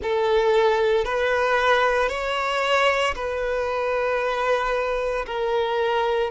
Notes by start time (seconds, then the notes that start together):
0.02 A4
1.04 B4
2.09 C#5
3.15 B4
5.26 A#4